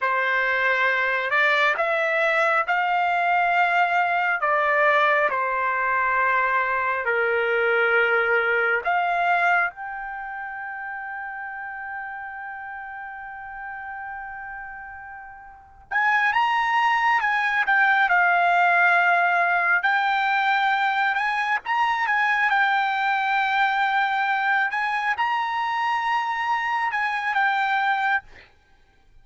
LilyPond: \new Staff \with { instrumentName = "trumpet" } { \time 4/4 \tempo 4 = 68 c''4. d''8 e''4 f''4~ | f''4 d''4 c''2 | ais'2 f''4 g''4~ | g''1~ |
g''2 gis''8 ais''4 gis''8 | g''8 f''2 g''4. | gis''8 ais''8 gis''8 g''2~ g''8 | gis''8 ais''2 gis''8 g''4 | }